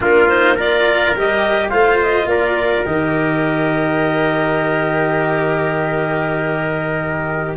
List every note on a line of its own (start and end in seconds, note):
0.00 1.15 A#3
0.00 0.27 D4
0.00 0.54 F4
0.00 0.28 A#4
0.28 0.57 D#4
0.28 0.57 C5
0.54 1.15 F4
0.54 1.69 A#4
0.54 1.16 D5
1.16 1.72 G3
1.16 1.71 G4
1.16 1.69 D#5
1.69 2.25 A3
1.69 2.85 F4
1.69 2.27 C5
1.69 1.97 F5
2.02 2.28 D#5
2.25 2.82 A#3
2.25 7.57 A#4
2.25 2.85 D5
2.85 7.57 D#3
2.85 7.57 G4
2.85 7.56 D#5